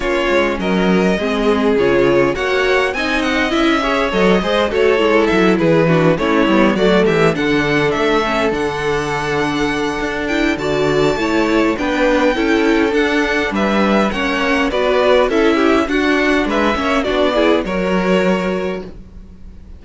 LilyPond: <<
  \new Staff \with { instrumentName = "violin" } { \time 4/4 \tempo 4 = 102 cis''4 dis''2 cis''4 | fis''4 gis''8 fis''8 e''4 dis''4 | cis''4 e''8 b'4 cis''4 d''8 | e''8 fis''4 e''4 fis''4.~ |
fis''4. g''8 a''2 | g''2 fis''4 e''4 | fis''4 d''4 e''4 fis''4 | e''4 d''4 cis''2 | }
  \new Staff \with { instrumentName = "violin" } { \time 4/4 f'4 ais'4 gis'2 | cis''4 dis''4. cis''4 c''8 | a'4. gis'8 fis'8 e'4 fis'8 | g'8 a'2.~ a'8~ |
a'2 d''4 cis''4 | b'4 a'2 b'4 | cis''4 b'4 a'8 g'8 fis'4 | b'8 cis''8 fis'8 gis'8 ais'2 | }
  \new Staff \with { instrumentName = "viola" } { \time 4/4 cis'2 c'4 f'4 | fis'4 dis'4 e'8 gis'8 a'8 gis'8 | fis'8 e'4. d'8 cis'8 b8 a8~ | a8 d'4. cis'8 d'4.~ |
d'4. e'8 fis'4 e'4 | d'4 e'4 d'2 | cis'4 fis'4 e'4 d'4~ | d'8 cis'8 d'8 e'8 fis'2 | }
  \new Staff \with { instrumentName = "cello" } { \time 4/4 ais8 gis8 fis4 gis4 cis4 | ais4 c'4 cis'4 fis8 gis8 | a8 gis8 fis8 e4 a8 g8 fis8 | e8 d4 a4 d4.~ |
d4 d'4 d4 a4 | b4 cis'4 d'4 g4 | ais4 b4 cis'4 d'4 | gis8 ais8 b4 fis2 | }
>>